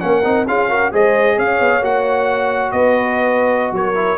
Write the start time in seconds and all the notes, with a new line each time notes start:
0.00 A#3 C#4 A#4 F#5
0.24 C4 D#4
0.47 C#4 F4 G#4 F5
0.69 F#4 A#4
0.92 G#3 G#4 C5 D#5
1.37 C#4 C#5 F5
1.60 B3
1.82 A#3 F#4 F#5
2.72 B3 B4 D#5
3.72 F#3 A#4 C#5
3.94 E4